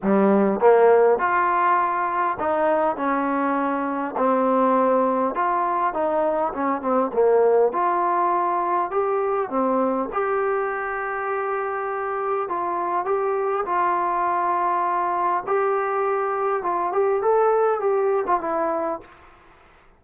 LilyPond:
\new Staff \with { instrumentName = "trombone" } { \time 4/4 \tempo 4 = 101 g4 ais4 f'2 | dis'4 cis'2 c'4~ | c'4 f'4 dis'4 cis'8 c'8 | ais4 f'2 g'4 |
c'4 g'2.~ | g'4 f'4 g'4 f'4~ | f'2 g'2 | f'8 g'8 a'4 g'8. f'16 e'4 | }